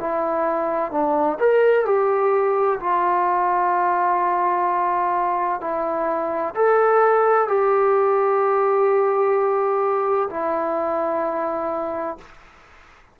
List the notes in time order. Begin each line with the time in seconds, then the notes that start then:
0.00 E4
0.92 D4
1.39 A#4
1.85 G4
2.80 F4
5.61 E4
6.55 A4
7.48 G4
10.30 E4